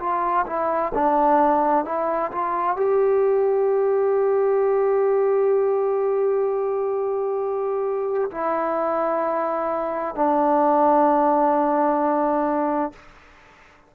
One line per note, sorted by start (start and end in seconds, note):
0.00 0.46 F4
0.47 0.93 E4
0.95 1.85 D4
1.85 2.32 E4
2.32 2.77 F4
2.77 8.31 G4
8.32 10.16 E4
10.16 12.93 D4